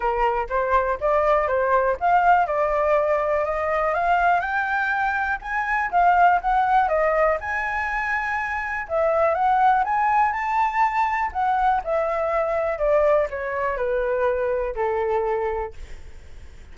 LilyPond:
\new Staff \with { instrumentName = "flute" } { \time 4/4 \tempo 4 = 122 ais'4 c''4 d''4 c''4 | f''4 d''2 dis''4 | f''4 g''2 gis''4 | f''4 fis''4 dis''4 gis''4~ |
gis''2 e''4 fis''4 | gis''4 a''2 fis''4 | e''2 d''4 cis''4 | b'2 a'2 | }